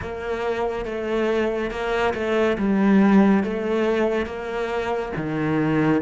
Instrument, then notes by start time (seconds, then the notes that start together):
cello
0.01 A#3
0.85 A3
1.71 A#3
2.14 A3
2.58 G3
3.43 A3
4.26 A#3
5.16 D#3